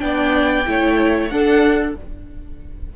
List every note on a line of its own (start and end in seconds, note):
0.00 0.67 B3
0.00 0.64 D4
0.00 0.69 D5
0.00 1.28 G5
0.66 1.32 A3
0.66 1.30 E4
0.66 1.33 C#5
1.30 1.96 D4
1.30 1.97 A4
1.30 1.94 F#5